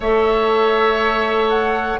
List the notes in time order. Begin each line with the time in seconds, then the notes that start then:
0.00 A3 A4 C#5 E5
1.49 F#5